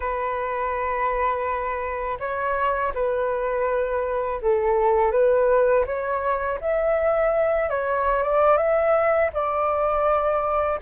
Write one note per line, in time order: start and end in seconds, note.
0.00 2.18 B4
2.20 2.93 C#5
2.94 4.40 B4
4.41 5.11 A4
5.11 5.84 B4
5.85 6.59 C#5
6.60 7.69 E5
7.69 8.22 C#5
8.22 8.57 D5
8.57 9.30 E5
9.33 10.79 D5